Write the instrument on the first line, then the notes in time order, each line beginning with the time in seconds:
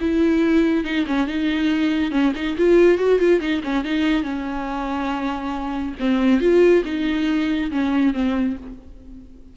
viola
0.00 E4
0.84 D#4
1.06 C#4
1.27 D#4
2.11 C#4
2.35 D#4
2.58 F4
2.98 F#4
3.19 F4
3.40 D#4
3.63 C#4
3.84 D#4
4.23 C#4
5.99 C4
6.40 F4
6.85 D#4
7.71 C#4
8.13 C4